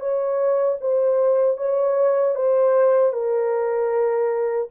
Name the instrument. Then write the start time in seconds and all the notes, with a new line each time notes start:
horn
0.00 C#5
0.81 C5
1.58 C#5
2.36 C5
3.13 A#4